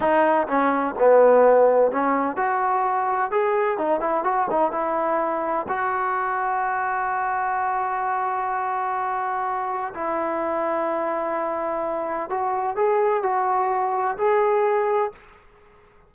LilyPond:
\new Staff \with { instrumentName = "trombone" } { \time 4/4 \tempo 4 = 127 dis'4 cis'4 b2 | cis'4 fis'2 gis'4 | dis'8 e'8 fis'8 dis'8 e'2 | fis'1~ |
fis'1~ | fis'4 e'2.~ | e'2 fis'4 gis'4 | fis'2 gis'2 | }